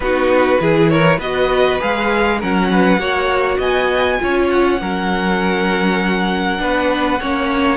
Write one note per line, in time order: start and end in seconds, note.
0.00 0.57 B3
0.00 0.59 D#4
0.00 0.61 F#4
0.00 0.89 B4
0.59 1.18 E3
0.59 1.19 E4
0.59 0.91 G#4
0.89 1.17 A#4
0.89 1.19 C#5
1.17 1.78 B3
1.17 1.79 F#4
1.17 2.37 B4
1.17 1.80 D#5
1.79 2.42 G#3
1.79 2.39 G#4
1.79 2.41 F5
2.39 2.97 F#3
2.39 2.99 C#4
2.39 2.69 A#4
2.39 3.60 F#5
2.71 3.00 B4
2.97 3.57 A#3
2.97 4.19 F#4
2.97 3.57 C#5
3.57 4.18 B3
3.57 4.17 D#5
3.57 4.49 G#5
4.19 4.81 C#4
4.19 4.79 F4
4.19 4.80 C#5
4.49 7.76 F#5
4.80 6.60 F#3
4.80 6.58 C#4
4.80 6.60 A#4
6.58 7.20 B3
6.58 7.18 D4
6.58 7.20 B4
7.20 7.76 A#3
7.20 7.76 C#4
7.20 7.76 C#5